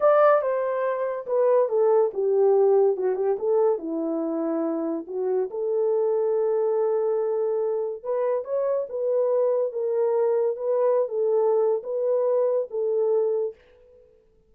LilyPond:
\new Staff \with { instrumentName = "horn" } { \time 4/4 \tempo 4 = 142 d''4 c''2 b'4 | a'4 g'2 fis'8 g'8 | a'4 e'2. | fis'4 a'2.~ |
a'2. b'4 | cis''4 b'2 ais'4~ | ais'4 b'4~ b'16 a'4.~ a'16 | b'2 a'2 | }